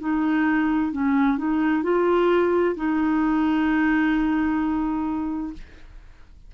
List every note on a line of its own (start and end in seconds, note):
0.00 0.92 D#4
0.92 1.38 C#4
1.38 1.83 D#4
1.83 2.76 F4
2.76 5.53 D#4